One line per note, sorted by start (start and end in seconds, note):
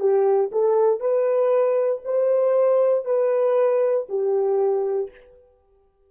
0.00 0.51 G4
0.52 1.00 A4
1.00 2.02 B4
2.05 3.06 C5
3.06 4.07 B4
4.09 5.11 G4